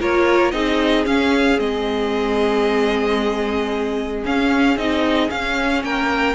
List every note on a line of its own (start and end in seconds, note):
0.00 0.53 A#3
0.00 0.53 F4
0.00 0.53 A#4
0.00 0.52 C#5
0.52 1.06 C4
0.52 1.05 D#4
0.52 5.84 G#4
0.52 1.05 D#5
1.05 1.58 C#4
1.05 1.59 C#4
1.05 1.60 F5
1.58 4.24 G#3
1.58 4.23 C4
1.58 4.25 D#5
4.25 4.78 C#4
4.25 4.77 C#4
4.25 4.78 F5
4.77 5.30 C4
4.77 5.29 D#4
4.77 5.30 D#5
5.29 6.35 C#4
5.29 5.84 C#4
5.29 5.83 F5
5.84 6.35 A#3
5.84 6.35 A#4
5.84 6.35 G5